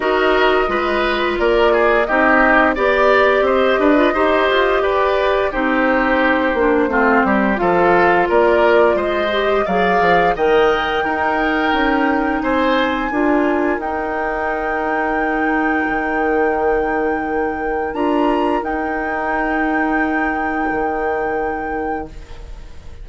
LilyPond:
<<
  \new Staff \with { instrumentName = "flute" } { \time 4/4 \tempo 4 = 87 dis''2 d''4 dis''4 | d''4 dis''2 d''4 | c''2. f''4 | d''4 dis''4 f''4 g''4~ |
g''2 gis''2 | g''1~ | g''2 ais''4 g''4~ | g''1 | }
  \new Staff \with { instrumentName = "oboe" } { \time 4/4 ais'4 b'4 ais'8 gis'8 g'4 | d''4 c''8 b'8 c''4 b'4 | g'2 f'8 g'8 a'4 | ais'4 c''4 d''4 dis''4 |
ais'2 c''4 ais'4~ | ais'1~ | ais'1~ | ais'1 | }
  \new Staff \with { instrumentName = "clarinet" } { \time 4/4 fis'4 f'2 dis'4 | g'4.~ g'16 f'16 g'2 | dis'4. d'8 c'4 f'4~ | f'4. g'8 gis'4 ais'4 |
dis'2. f'4 | dis'1~ | dis'2 f'4 dis'4~ | dis'1 | }
  \new Staff \with { instrumentName = "bassoon" } { \time 4/4 dis'4 gis4 ais4 c'4 | b4 c'8 d'8 dis'8 f'8 g'4 | c'4. ais8 a8 g8 f4 | ais4 gis4 fis8 f8 dis4 |
dis'4 cis'4 c'4 d'4 | dis'2. dis4~ | dis2 d'4 dis'4~ | dis'2 dis2 | }
>>